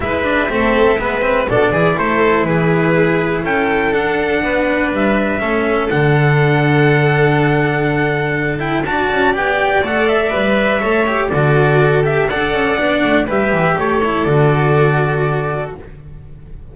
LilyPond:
<<
  \new Staff \with { instrumentName = "trumpet" } { \time 4/4 \tempo 4 = 122 e''2. d''4 | c''4 b'2 g''4 | fis''2 e''2 | fis''1~ |
fis''4. g''8 a''4 g''4 | fis''8 e''2~ e''8 d''4~ | d''8 e''8 fis''2 e''4 | cis''4 d''2. | }
  \new Staff \with { instrumentName = "violin" } { \time 4/4 b'4 a'4 b'4 a'8 gis'8 | a'4 gis'2 a'4~ | a'4 b'2 a'4~ | a'1~ |
a'2 d''2~ | d''2 cis''4 a'4~ | a'4 d''2 b'4 | a'1 | }
  \new Staff \with { instrumentName = "cello" } { \time 4/4 e'8 d'8 c'4 b8 c'8 d'8 e'8~ | e'1 | d'2. cis'4 | d'1~ |
d'4. e'8 fis'4 g'4 | a'4 b'4 a'8 g'8 fis'4~ | fis'8 g'8 a'4 d'4 g'4~ | g'8 e'8 fis'2. | }
  \new Staff \with { instrumentName = "double bass" } { \time 4/4 gis4 a4 gis4 b,8 e8 | a4 e2 cis'4 | d'4 b4 g4 a4 | d1~ |
d2 d'8 cis'8 b4 | a4 g4 a4 d4~ | d4 d'8 cis'8 b8 a8 g8 e8 | a4 d2. | }
>>